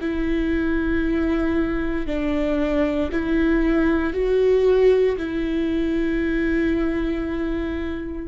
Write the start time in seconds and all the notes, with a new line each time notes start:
0.00 E4
2.06 D4
3.11 E4
4.13 F#4
5.17 E4